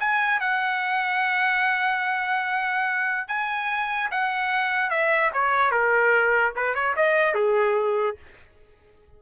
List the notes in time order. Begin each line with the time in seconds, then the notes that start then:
0.00 G#5
0.40 F#5
3.28 G#5
4.11 F#5
4.90 E5
5.34 C#5
5.71 A#4
6.56 B4
6.75 C#5
6.97 D#5
7.34 G#4